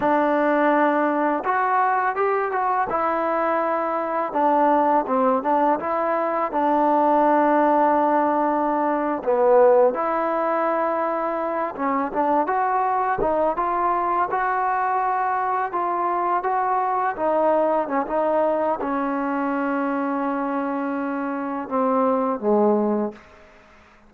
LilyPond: \new Staff \with { instrumentName = "trombone" } { \time 4/4 \tempo 4 = 83 d'2 fis'4 g'8 fis'8 | e'2 d'4 c'8 d'8 | e'4 d'2.~ | d'8. b4 e'2~ e'16~ |
e'16 cis'8 d'8 fis'4 dis'8 f'4 fis'16~ | fis'4.~ fis'16 f'4 fis'4 dis'16~ | dis'8. cis'16 dis'4 cis'2~ | cis'2 c'4 gis4 | }